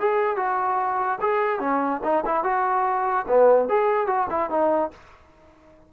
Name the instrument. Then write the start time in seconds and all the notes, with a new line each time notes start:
trombone
0.00 G#4
0.37 F#4
1.21 G#4
1.60 C#4
2.04 D#4
2.26 E4
2.44 F#4
3.29 B3
3.69 G#4
4.07 F#4
4.30 E4
4.50 D#4